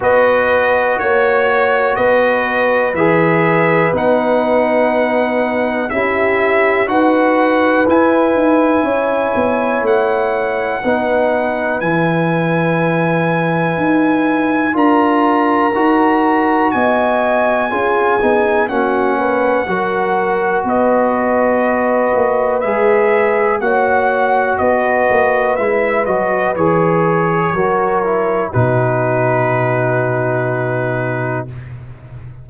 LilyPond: <<
  \new Staff \with { instrumentName = "trumpet" } { \time 4/4 \tempo 4 = 61 dis''4 cis''4 dis''4 e''4 | fis''2 e''4 fis''4 | gis''2 fis''2 | gis''2. ais''4~ |
ais''4 gis''2 fis''4~ | fis''4 dis''2 e''4 | fis''4 dis''4 e''8 dis''8 cis''4~ | cis''4 b'2. | }
  \new Staff \with { instrumentName = "horn" } { \time 4/4 b'4 cis''4 b'2~ | b'2 g'4 b'4~ | b'4 cis''2 b'4~ | b'2. ais'4~ |
ais'4 dis''4 gis'4 fis'8 b'8 | ais'4 b'2. | cis''4 b'2. | ais'4 fis'2. | }
  \new Staff \with { instrumentName = "trombone" } { \time 4/4 fis'2. gis'4 | dis'2 e'4 fis'4 | e'2. dis'4 | e'2. f'4 |
fis'2 f'8 dis'8 cis'4 | fis'2. gis'4 | fis'2 e'8 fis'8 gis'4 | fis'8 e'8 dis'2. | }
  \new Staff \with { instrumentName = "tuba" } { \time 4/4 b4 ais4 b4 e4 | b2 cis'4 dis'4 | e'8 dis'8 cis'8 b8 a4 b4 | e2 dis'4 d'4 |
dis'4 b4 cis'8 b8 ais4 | fis4 b4. ais8 gis4 | ais4 b8 ais8 gis8 fis8 e4 | fis4 b,2. | }
>>